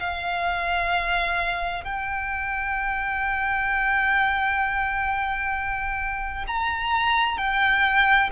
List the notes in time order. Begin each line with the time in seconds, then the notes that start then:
0.00 F5
1.84 G5
6.47 A#5
7.38 G5